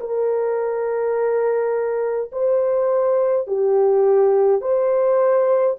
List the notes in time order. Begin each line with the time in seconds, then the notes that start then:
0.00 A#4
2.32 C5
3.47 G4
4.61 C5